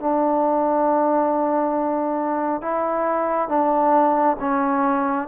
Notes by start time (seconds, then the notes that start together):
0.00 D4
2.61 E4
3.49 D4
4.40 C#4